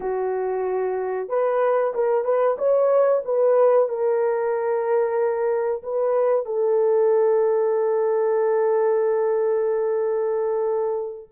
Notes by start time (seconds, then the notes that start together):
0.00 F#4
1.28 B4
1.94 A#4
2.24 B4
2.57 C#5
3.24 B4
3.89 A#4
5.82 B4
6.45 A4